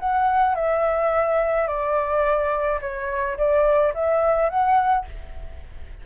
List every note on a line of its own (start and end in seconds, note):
0.00 0.56 F#5
0.56 1.68 E5
1.68 2.80 D5
2.81 3.37 C#5
3.38 3.94 D5
3.95 4.50 E5
4.50 5.06 F#5